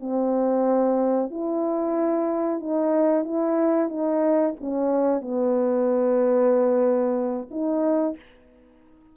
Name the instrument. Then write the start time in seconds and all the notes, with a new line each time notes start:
horn
0.00 C4
1.30 E4
2.60 D#4
3.24 E4
3.89 D#4
4.60 C#4
5.21 B3
7.51 D#4